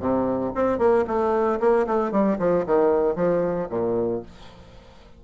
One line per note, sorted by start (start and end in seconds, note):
0.00 0.53 C3
0.55 0.79 C4
0.79 1.05 A#3
1.07 1.60 A3
1.61 1.87 A#3
1.87 2.12 A3
2.12 2.38 G3
2.39 2.66 F3
2.66 3.16 D#3
3.16 3.69 F3
3.70 4.23 A#2